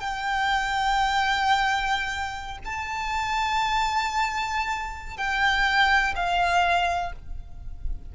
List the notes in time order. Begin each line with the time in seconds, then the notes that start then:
0.00 G5
2.65 A5
5.17 G5
6.16 F5